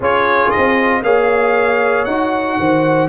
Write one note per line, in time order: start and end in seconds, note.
0.00 0.50 C#4
0.00 1.03 F4
0.00 1.01 G#4
0.00 0.50 C#5
0.50 1.02 D#5
0.56 1.02 C4
1.02 2.05 A#3
1.02 2.07 G#4
1.02 2.59 C#5
1.02 2.05 F5
2.05 2.58 D#4
2.05 3.08 F#4
2.05 3.08 F#5
2.58 3.08 D#3
2.58 3.08 C5